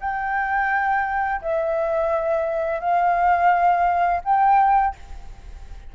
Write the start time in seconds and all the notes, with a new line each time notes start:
0.00 G5
1.41 E5
2.80 F5
4.24 G5